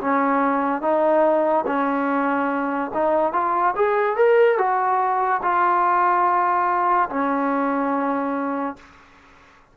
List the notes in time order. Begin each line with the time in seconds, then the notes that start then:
0.00 C#4
0.81 D#4
1.66 C#4
2.94 D#4
3.33 F4
3.75 G#4
4.17 A#4
4.58 F#4
5.42 F4
7.09 C#4